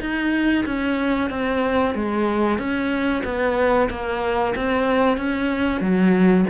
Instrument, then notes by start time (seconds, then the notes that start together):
cello
0.00 D#4
0.66 C#4
1.30 C4
1.95 G#3
2.58 C#4
3.24 B3
3.90 A#3
4.55 C4
5.17 C#4
5.81 F#3